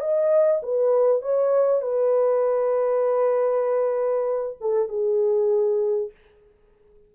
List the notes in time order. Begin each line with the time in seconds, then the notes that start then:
0.00 D#5
0.62 B4
1.21 C#5
1.81 B4
4.60 A4
4.88 G#4